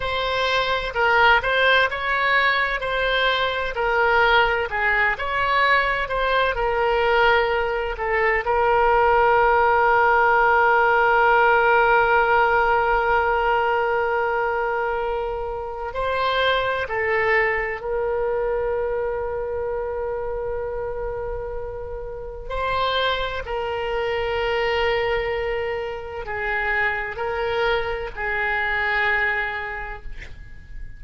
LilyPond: \new Staff \with { instrumentName = "oboe" } { \time 4/4 \tempo 4 = 64 c''4 ais'8 c''8 cis''4 c''4 | ais'4 gis'8 cis''4 c''8 ais'4~ | ais'8 a'8 ais'2.~ | ais'1~ |
ais'4 c''4 a'4 ais'4~ | ais'1 | c''4 ais'2. | gis'4 ais'4 gis'2 | }